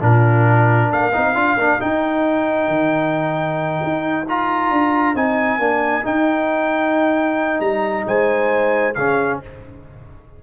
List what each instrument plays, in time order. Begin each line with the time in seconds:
0.00 tuba A#2, trombone D4, horn F4, trumpet A#4
0.91 tuba A#3, horn A#4, trumpet F5
1.13 tuba C4, trombone D#4
1.35 tuba D4, trombone F4
1.56 tuba A#3, trombone D4
1.80 trombone D#4, tuba D#4, trumpet G5
2.68 tuba D#3
3.83 tuba D#4
4.28 trombone F4, trumpet A#5
4.71 tuba D4
5.15 tuba C4, trombone D#4, trumpet G#5
5.59 tuba A#3, trombone D4
6.03 trombone D#4, tuba D#4, trumpet G5
7.60 tuba G3, trumpet A#5
8.07 tuba G#3, horn C5, trumpet G#5
8.95 tuba C#3, trombone C#4, horn G#4, trumpet F5